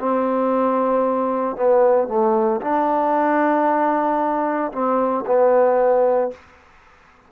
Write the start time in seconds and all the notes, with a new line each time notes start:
0.00 C4
1.56 B3
2.08 A3
2.62 D4
4.72 C4
5.26 B3